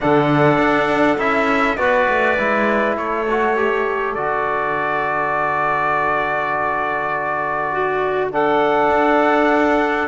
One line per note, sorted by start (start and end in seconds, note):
0.00 0.58 D3
0.00 1.18 D4
0.00 1.78 A4
0.00 1.19 F#5
0.58 1.17 D4
1.17 1.77 C#4
1.17 1.77 E4
1.17 1.76 E5
1.76 2.07 B3
1.76 2.37 F#4
1.76 2.97 B4
1.76 2.95 D5
2.08 2.38 A3
2.37 2.97 G#3
2.37 3.26 E4
2.97 4.15 A3
2.97 7.72 A4
2.97 4.14 C#5
3.30 3.56 F#4
3.56 4.16 G4
4.14 8.89 D3
4.14 8.31 F#4
4.14 8.30 D5
7.72 8.31 F#4
8.31 10.07 D4
8.31 10.07 A4
8.31 10.07 F#5
8.89 10.07 D4